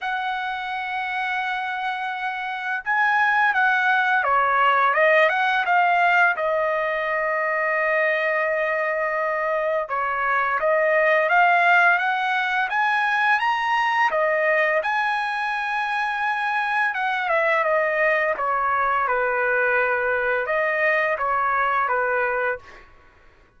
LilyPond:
\new Staff \with { instrumentName = "trumpet" } { \time 4/4 \tempo 4 = 85 fis''1 | gis''4 fis''4 cis''4 dis''8 fis''8 | f''4 dis''2.~ | dis''2 cis''4 dis''4 |
f''4 fis''4 gis''4 ais''4 | dis''4 gis''2. | fis''8 e''8 dis''4 cis''4 b'4~ | b'4 dis''4 cis''4 b'4 | }